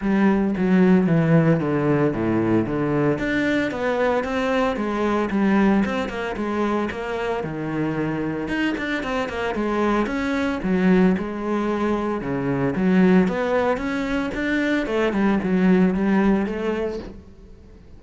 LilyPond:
\new Staff \with { instrumentName = "cello" } { \time 4/4 \tempo 4 = 113 g4 fis4 e4 d4 | a,4 d4 d'4 b4 | c'4 gis4 g4 c'8 ais8 | gis4 ais4 dis2 |
dis'8 d'8 c'8 ais8 gis4 cis'4 | fis4 gis2 cis4 | fis4 b4 cis'4 d'4 | a8 g8 fis4 g4 a4 | }